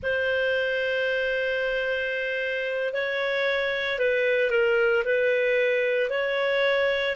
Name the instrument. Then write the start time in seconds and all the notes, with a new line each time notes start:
clarinet
0.02 C5
2.93 C#5
3.98 B4
4.50 A#4
5.04 B4
6.09 C#5